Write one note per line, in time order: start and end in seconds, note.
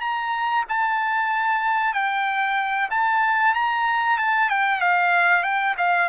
0.00 0.64 A#5
0.68 1.93 A5
1.93 2.89 G5
2.90 3.54 A5
3.54 4.18 A#5
4.18 4.49 A5
4.49 4.80 G5
4.80 5.43 F5
5.43 5.75 G5
5.77 6.09 F5